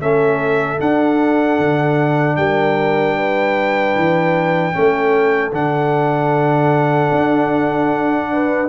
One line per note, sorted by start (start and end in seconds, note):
0.00 0.79 A3
0.00 0.78 C#4
0.00 2.37 A4
0.00 0.80 E5
0.78 4.73 D4
0.78 1.59 D4
0.78 2.36 F#5
1.59 2.37 D3
2.36 3.95 G3
2.36 3.17 A#4
2.36 5.52 G5
3.17 4.75 B4
3.96 4.75 E3
4.73 5.52 A3
4.73 5.52 C#4
4.73 8.31 A4
5.52 7.10 D3
5.52 8.69 D4
5.52 8.69 F#5
7.12 8.69 D4
8.32 8.69 B4